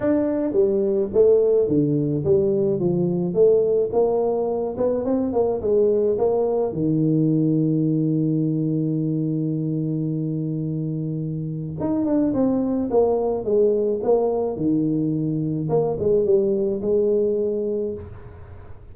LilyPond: \new Staff \with { instrumentName = "tuba" } { \time 4/4 \tempo 4 = 107 d'4 g4 a4 d4 | g4 f4 a4 ais4~ | ais8 b8 c'8 ais8 gis4 ais4 | dis1~ |
dis1~ | dis4 dis'8 d'8 c'4 ais4 | gis4 ais4 dis2 | ais8 gis8 g4 gis2 | }